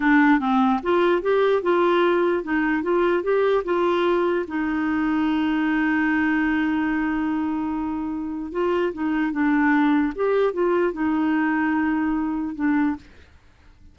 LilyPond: \new Staff \with { instrumentName = "clarinet" } { \time 4/4 \tempo 4 = 148 d'4 c'4 f'4 g'4 | f'2 dis'4 f'4 | g'4 f'2 dis'4~ | dis'1~ |
dis'1~ | dis'4 f'4 dis'4 d'4~ | d'4 g'4 f'4 dis'4~ | dis'2. d'4 | }